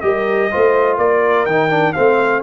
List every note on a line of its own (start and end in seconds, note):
0.00 0.51 G3
0.00 0.50 G4
0.00 0.51 A#4
0.00 0.97 D#5
0.51 0.98 A3
0.51 1.48 F4
0.51 0.97 C5
0.97 1.46 A#3
0.97 1.94 A#4
0.97 1.45 D5
1.45 1.95 D#3
1.45 1.69 D#4
1.45 1.93 G5
1.69 1.94 D4
1.93 2.42 A3
1.93 2.42 C4
1.93 2.42 C5
1.93 2.41 F5